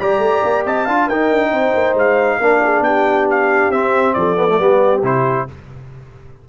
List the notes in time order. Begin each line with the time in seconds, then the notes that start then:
0.00 G3 G4 D5 A#5
0.19 A3
0.44 A#3
0.66 C4 D#5 A5
0.85 D4 F4 F5
1.07 D#4 A#4 G5
1.31 D4
1.52 C4 C5
1.75 A#3
1.95 G#3 F5
2.40 A#3 D4 A#4
2.64 G#4
2.81 B3 G4 G5
3.31 F5
3.70 C4 E5
4.14 F3 A4 D5
4.37 B3
4.48 A3
4.59 G3 B3 G4
5.03 C3 E4 C5